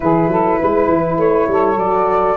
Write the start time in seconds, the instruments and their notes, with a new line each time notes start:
0.00 tuba E3, horn E4, saxophone G#4, flute B4
0.27 tuba F#3, saxophone A4
0.59 tuba G#3, saxophone B4
0.88 tuba E3
1.17 tuba A3, flute C#5
1.47 tuba G3, saxophone A4
1.76 tuba F#3, horn F#4, flute D5